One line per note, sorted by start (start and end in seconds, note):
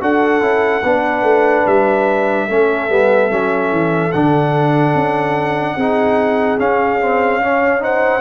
0.00 0.41 D4
0.00 0.40 F#4
0.00 0.83 A4
0.00 1.67 F#5
0.40 0.82 C#4
0.40 0.82 E4
0.83 1.23 B3
0.83 2.49 D4
0.83 2.47 B4
1.23 1.64 A3
1.66 2.48 G3
1.66 4.12 E5
2.48 2.89 A3
2.48 2.89 C#4
2.48 5.76 A4
2.89 3.30 G3
2.89 3.30 B3
3.30 3.71 F#3
3.30 4.12 C#4
3.71 4.12 E3
4.12 4.95 D3
4.12 5.78 D4
4.12 6.58 F#5
4.95 5.76 C#4
5.76 6.58 C4
5.76 6.58 D#4
5.76 7.40 G#4
6.58 6.99 C#4
6.58 8.21 C#4
6.58 7.83 F5
7.00 7.41 C4
7.41 7.79 C#4
7.41 7.83 C#5
7.79 8.20 D#4
7.79 8.21 C5
7.79 8.21 F#5